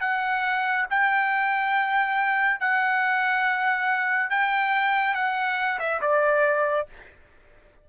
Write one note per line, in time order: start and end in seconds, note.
0.00 0.86 F#5
0.90 2.59 G5
2.59 4.30 F#5
4.30 5.14 G5
5.14 5.78 F#5
5.79 6.00 E5
6.01 6.87 D5